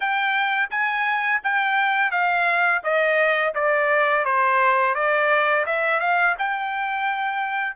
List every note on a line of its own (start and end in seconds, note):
0.00 0.69 G5
0.70 1.41 G#5
1.43 2.11 G5
2.11 2.81 F5
2.83 3.54 D#5
3.54 4.24 D5
4.24 4.94 C5
4.94 5.65 D5
5.66 6.00 E5
6.00 6.35 F5
6.38 7.76 G5